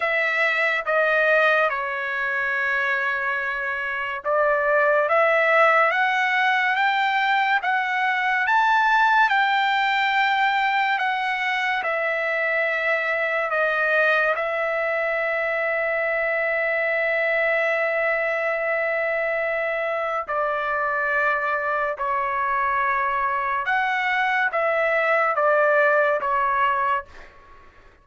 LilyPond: \new Staff \with { instrumentName = "trumpet" } { \time 4/4 \tempo 4 = 71 e''4 dis''4 cis''2~ | cis''4 d''4 e''4 fis''4 | g''4 fis''4 a''4 g''4~ | g''4 fis''4 e''2 |
dis''4 e''2.~ | e''1 | d''2 cis''2 | fis''4 e''4 d''4 cis''4 | }